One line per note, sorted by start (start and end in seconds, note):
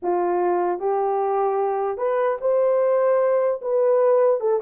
0.02 0.79 F4
0.79 1.97 G4
1.97 2.37 B4
2.40 3.60 C5
3.61 4.40 B4
4.40 4.60 A4